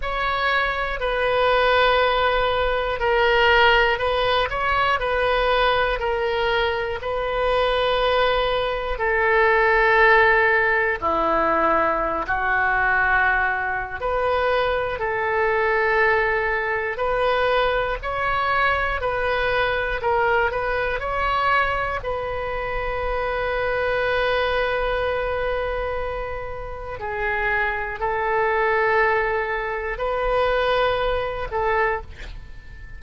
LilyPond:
\new Staff \with { instrumentName = "oboe" } { \time 4/4 \tempo 4 = 60 cis''4 b'2 ais'4 | b'8 cis''8 b'4 ais'4 b'4~ | b'4 a'2 e'4~ | e'16 fis'4.~ fis'16 b'4 a'4~ |
a'4 b'4 cis''4 b'4 | ais'8 b'8 cis''4 b'2~ | b'2. gis'4 | a'2 b'4. a'8 | }